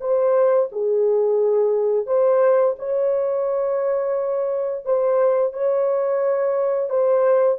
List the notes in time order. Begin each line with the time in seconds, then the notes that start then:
0.00 C5
0.71 G#4
2.06 C5
2.78 C#5
4.85 C5
5.53 C#5
6.89 C5